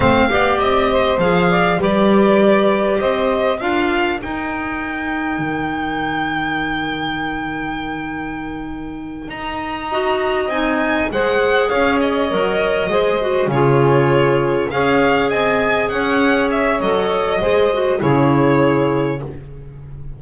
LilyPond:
<<
  \new Staff \with { instrumentName = "violin" } { \time 4/4 \tempo 4 = 100 f''4 dis''4 f''4 d''4~ | d''4 dis''4 f''4 g''4~ | g''1~ | g''2.~ g''8 ais''8~ |
ais''4. gis''4 fis''4 f''8 | dis''2~ dis''8 cis''4.~ | cis''8 f''4 gis''4 fis''4 e''8 | dis''2 cis''2 | }
  \new Staff \with { instrumentName = "saxophone" } { \time 4/4 c''8 d''4 c''4 d''8 b'4~ | b'4 c''4 ais'2~ | ais'1~ | ais'1~ |
ais'8 dis''2 c''4 cis''8~ | cis''4. c''4 gis'4.~ | gis'8 cis''4 dis''4 cis''4.~ | cis''4 c''4 gis'2 | }
  \new Staff \with { instrumentName = "clarinet" } { \time 4/4 c'8 g'4. gis'4 g'4~ | g'2 f'4 dis'4~ | dis'1~ | dis'1~ |
dis'8 fis'4 dis'4 gis'4.~ | gis'8 ais'4 gis'8 fis'8 f'4.~ | f'8 gis'2.~ gis'8 | a'4 gis'8 fis'8 e'2 | }
  \new Staff \with { instrumentName = "double bass" } { \time 4/4 a8 b8 c'4 f4 g4~ | g4 c'4 d'4 dis'4~ | dis'4 dis2.~ | dis2.~ dis8 dis'8~ |
dis'4. c'4 gis4 cis'8~ | cis'8 fis4 gis4 cis4.~ | cis8 cis'4 c'4 cis'4. | fis4 gis4 cis2 | }
>>